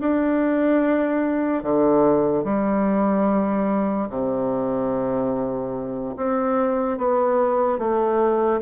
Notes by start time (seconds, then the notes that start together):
0.00 D4
1.63 D3
2.44 G3
4.09 C3
6.16 C4
6.98 B3
7.78 A3